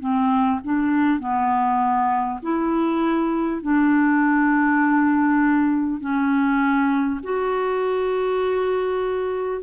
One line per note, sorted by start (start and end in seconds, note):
0.00 0.60 C4
0.64 1.20 D4
1.20 2.40 B3
2.43 3.63 E4
3.63 6.01 D4
6.01 7.21 C#4
7.23 9.63 F#4